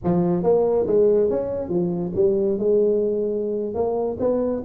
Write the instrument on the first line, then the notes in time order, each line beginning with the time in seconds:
tuba
0.04 F3
0.43 A#3
0.86 G#3
1.30 C#4
1.68 F3
2.15 G3
2.58 G#3
3.74 A#3
4.19 B3